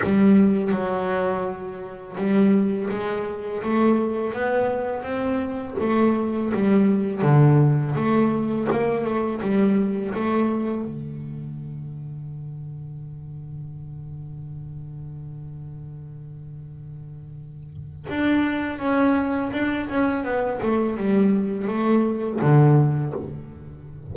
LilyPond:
\new Staff \with { instrumentName = "double bass" } { \time 4/4 \tempo 4 = 83 g4 fis2 g4 | gis4 a4 b4 c'4 | a4 g4 d4 a4 | ais8 a8 g4 a4 d4~ |
d1~ | d1~ | d4 d'4 cis'4 d'8 cis'8 | b8 a8 g4 a4 d4 | }